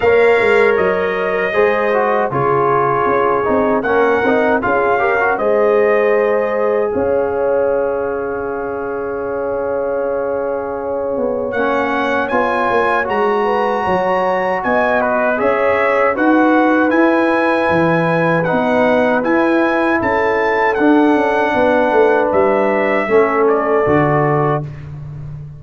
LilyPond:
<<
  \new Staff \with { instrumentName = "trumpet" } { \time 4/4 \tempo 4 = 78 f''4 dis''2 cis''4~ | cis''4 fis''4 f''4 dis''4~ | dis''4 f''2.~ | f''2. fis''4 |
gis''4 ais''2 gis''8 b'8 | e''4 fis''4 gis''2 | fis''4 gis''4 a''4 fis''4~ | fis''4 e''4. d''4. | }
  \new Staff \with { instrumentName = "horn" } { \time 4/4 cis''2 c''4 gis'4~ | gis'4 ais'4 gis'8 ais'8 c''4~ | c''4 cis''2.~ | cis''1~ |
cis''4. b'8 cis''4 dis''4 | cis''4 b'2.~ | b'2 a'2 | b'2 a'2 | }
  \new Staff \with { instrumentName = "trombone" } { \time 4/4 ais'2 gis'8 fis'8 f'4~ | f'8 dis'8 cis'8 dis'8 f'8 g'16 fis'16 gis'4~ | gis'1~ | gis'2. cis'4 |
f'4 fis'2. | gis'4 fis'4 e'2 | dis'4 e'2 d'4~ | d'2 cis'4 fis'4 | }
  \new Staff \with { instrumentName = "tuba" } { \time 4/4 ais8 gis8 fis4 gis4 cis4 | cis'8 c'8 ais8 c'8 cis'4 gis4~ | gis4 cis'2.~ | cis'2~ cis'8 b8 ais4 |
b8 ais8 gis4 fis4 b4 | cis'4 dis'4 e'4 e4 | b4 e'4 cis'4 d'8 cis'8 | b8 a8 g4 a4 d4 | }
>>